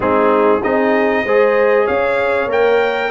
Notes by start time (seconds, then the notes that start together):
0.00 G#3 C4 D#4 G#4
0.60 C4 D#4 G#4 D#5
1.24 G#3 G#4 C5
1.85 C#4 C#5 F5
2.46 A#3 A#4 G5